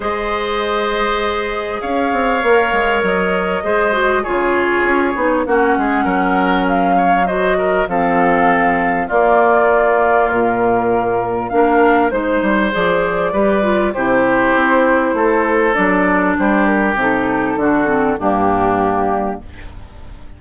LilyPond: <<
  \new Staff \with { instrumentName = "flute" } { \time 4/4 \tempo 4 = 99 dis''2. f''4~ | f''4 dis''2 cis''4~ | cis''4 fis''2 f''4 | dis''4 f''2 d''4~ |
d''4 ais'2 f''4 | c''4 d''2 c''4~ | c''2 d''4 c''8 ais'8 | a'2 g'2 | }
  \new Staff \with { instrumentName = "oboe" } { \time 4/4 c''2. cis''4~ | cis''2 c''4 gis'4~ | gis'4 fis'8 gis'8 ais'4. cis''8 | c''8 ais'8 a'2 f'4~ |
f'2. ais'4 | c''2 b'4 g'4~ | g'4 a'2 g'4~ | g'4 fis'4 d'2 | }
  \new Staff \with { instrumentName = "clarinet" } { \time 4/4 gis'1 | ais'2 gis'8 fis'8 f'4~ | f'8 dis'8 cis'2. | fis'4 c'2 ais4~ |
ais2. d'4 | dis'4 gis'4 g'8 f'8 e'4~ | e'2 d'2 | dis'4 d'8 c'8 ais2 | }
  \new Staff \with { instrumentName = "bassoon" } { \time 4/4 gis2. cis'8 c'8 | ais8 gis8 fis4 gis4 cis4 | cis'8 b8 ais8 gis8 fis2~ | fis4 f2 ais4~ |
ais4 ais,2 ais4 | gis8 g8 f4 g4 c4 | c'4 a4 fis4 g4 | c4 d4 g,2 | }
>>